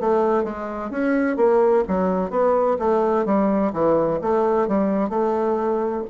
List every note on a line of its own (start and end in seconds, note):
0.00 0.44 A3
0.44 0.91 G#3
0.91 1.37 C#4
1.37 1.84 A#3
1.88 2.31 F#3
2.31 2.77 B3
2.79 3.26 A3
3.26 3.72 G3
3.73 4.20 E3
4.22 4.68 A3
4.68 5.10 G3
5.10 6.03 A3